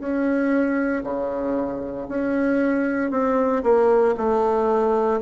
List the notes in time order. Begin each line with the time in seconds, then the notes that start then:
0.00 C#4
1.04 C#3
2.09 C#4
3.11 C4
3.63 A#3
4.18 A3